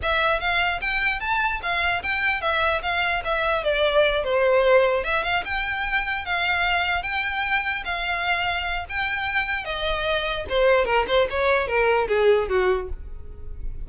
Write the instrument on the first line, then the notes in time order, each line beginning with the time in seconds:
violin
0.02 E5
0.40 F5
0.81 G5
1.20 A5
1.62 F5
2.02 G5
2.41 E5
2.82 F5
3.24 E5
3.63 D5
4.23 C5
5.04 E5
5.23 F5
5.44 G5
6.25 F5
7.02 G5
7.84 F5
8.89 G5
9.64 D#5
10.49 C5
10.85 A#4
11.07 C5
11.30 C#5
11.67 A#4
12.08 G#4
12.48 F#4